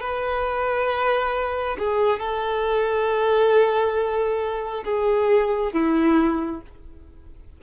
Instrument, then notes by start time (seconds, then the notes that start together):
violin
0.00 B4
1.78 G#4
2.19 A4
4.84 G#4
5.73 E4